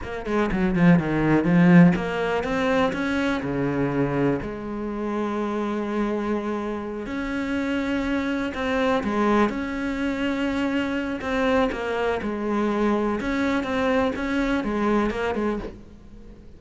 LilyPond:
\new Staff \with { instrumentName = "cello" } { \time 4/4 \tempo 4 = 123 ais8 gis8 fis8 f8 dis4 f4 | ais4 c'4 cis'4 cis4~ | cis4 gis2.~ | gis2~ gis8 cis'4.~ |
cis'4. c'4 gis4 cis'8~ | cis'2. c'4 | ais4 gis2 cis'4 | c'4 cis'4 gis4 ais8 gis8 | }